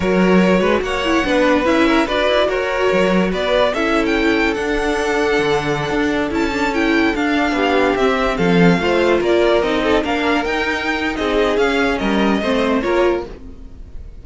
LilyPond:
<<
  \new Staff \with { instrumentName = "violin" } { \time 4/4 \tempo 4 = 145 cis''2 fis''2 | e''4 d''4 cis''2 | d''4 e''8. g''4~ g''16 fis''4~ | fis''2.~ fis''16 a''8.~ |
a''16 g''4 f''2 e''8.~ | e''16 f''2 d''4 dis''8.~ | dis''16 f''4 g''4.~ g''16 dis''4 | f''4 dis''2 cis''4 | }
  \new Staff \with { instrumentName = "violin" } { \time 4/4 ais'4. b'8 cis''4 b'4~ | b'8 ais'8 b'4 ais'2 | b'4 a'2.~ | a'1~ |
a'2~ a'16 g'4.~ g'16~ | g'16 a'4 c''4 ais'4. a'16~ | a'16 ais'2~ ais'8. gis'4~ | gis'4 ais'4 c''4 ais'4 | }
  \new Staff \with { instrumentName = "viola" } { \time 4/4 fis'2~ fis'8 e'8 d'4 | e'4 fis'2.~ | fis'4 e'2 d'4~ | d'2.~ d'16 e'8 d'16~ |
d'16 e'4 d'2 c'8.~ | c'4~ c'16 f'2 dis'8.~ | dis'16 d'4 dis'2~ dis'8. | cis'2 c'4 f'4 | }
  \new Staff \with { instrumentName = "cello" } { \time 4/4 fis4. gis8 ais4 b4 | cis'4 d'8 e'8 fis'4 fis4 | b4 cis'2 d'4~ | d'4 d4~ d16 d'4 cis'8.~ |
cis'4~ cis'16 d'4 b4 c'8.~ | c'16 f4 a4 ais4 c'8.~ | c'16 ais4 dis'4.~ dis'16 c'4 | cis'4 g4 a4 ais4 | }
>>